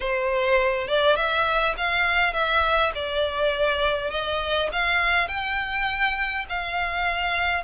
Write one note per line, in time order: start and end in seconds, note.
0.00 0.87 C5
0.87 1.16 D5
1.16 1.75 E5
1.77 2.33 F5
2.33 2.92 E5
2.94 4.10 D5
4.10 4.69 D#5
4.72 5.28 F5
5.28 6.45 G5
6.49 7.63 F5